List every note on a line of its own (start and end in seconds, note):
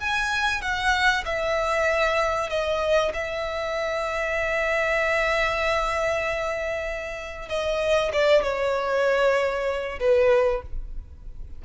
0.00 0.62 G#5
0.62 1.24 F#5
1.25 2.50 E5
2.50 3.12 D#5
3.14 7.49 E5
7.49 8.12 D#5
8.13 8.43 D5
8.43 9.99 C#5
10.00 10.62 B4